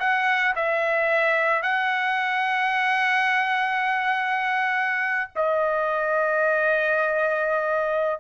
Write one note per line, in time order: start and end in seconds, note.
0.00 0.55 F#5
0.56 1.62 E5
1.62 5.30 F#5
5.36 8.20 D#5